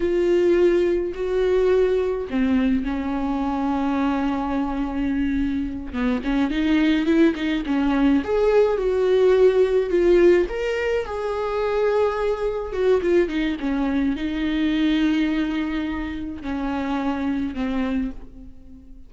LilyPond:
\new Staff \with { instrumentName = "viola" } { \time 4/4 \tempo 4 = 106 f'2 fis'2 | c'4 cis'2.~ | cis'2~ cis'8 b8 cis'8 dis'8~ | dis'8 e'8 dis'8 cis'4 gis'4 fis'8~ |
fis'4. f'4 ais'4 gis'8~ | gis'2~ gis'8 fis'8 f'8 dis'8 | cis'4 dis'2.~ | dis'4 cis'2 c'4 | }